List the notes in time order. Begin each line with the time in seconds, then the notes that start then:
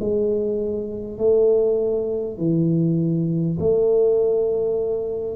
0.00 G#3
1.18 A3
2.38 E3
3.59 A3